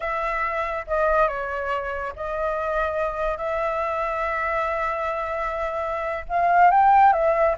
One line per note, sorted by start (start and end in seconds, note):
0.00 0.85 E5
0.87 1.28 D#5
1.28 2.13 C#5
2.16 3.37 D#5
3.37 6.25 E5
6.28 6.71 F5
6.71 7.13 G5
7.13 7.55 E5